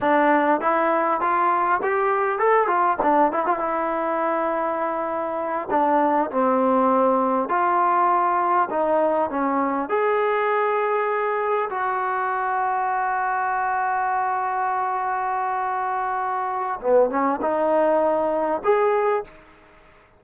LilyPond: \new Staff \with { instrumentName = "trombone" } { \time 4/4 \tempo 4 = 100 d'4 e'4 f'4 g'4 | a'8 f'8 d'8 e'16 f'16 e'2~ | e'4. d'4 c'4.~ | c'8 f'2 dis'4 cis'8~ |
cis'8 gis'2. fis'8~ | fis'1~ | fis'1 | b8 cis'8 dis'2 gis'4 | }